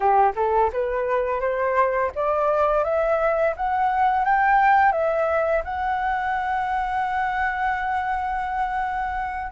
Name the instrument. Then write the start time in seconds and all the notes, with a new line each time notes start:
flute
0.00 G4
0.35 A4
0.73 B4
1.40 C5
2.15 D5
2.84 E5
3.56 F#5
4.24 G5
4.92 E5
5.64 F#5